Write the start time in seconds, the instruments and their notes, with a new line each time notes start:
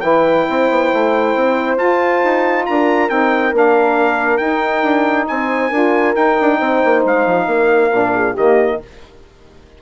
0.00 bassoon E3, saxophone E4, horn B4, trumpet G5
0.49 bassoon C4, horn C5
0.69 bassoon B3
0.93 bassoon A3
1.35 bassoon C4
1.76 bassoon F4, saxophone F4, trumpet A5
2.24 bassoon D#4
2.65 bassoon D4, horn A#4, trumpet A#5
3.09 bassoon C4, saxophone D#4, trumpet G5
3.52 bassoon A#3, saxophone D4, trumpet F5
4.37 bassoon D#4, saxophone D#4, trumpet G5
4.82 bassoon D4
5.27 bassoon C4, horn C5, trumpet G#5
5.69 bassoon D4, saxophone F4, horn A#4
6.14 saxophone D#4, bassoon D#4, trumpet G5
6.41 bassoon D4
6.58 bassoon C4, horn C5
6.84 bassoon A#3
7.04 bassoon G#3, trumpet F5
7.25 bassoon F3
7.46 bassoon A#3, horn A#4
7.91 bassoon A#2, saxophone D4
8.14 horn G#4
8.33 bassoon D#3, saxophone A#3, horn G4, trumpet D#5